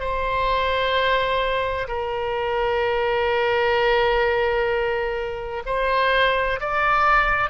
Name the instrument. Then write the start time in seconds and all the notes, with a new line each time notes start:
oboe
0.00 C5
1.88 A#4
5.66 C5
6.60 D5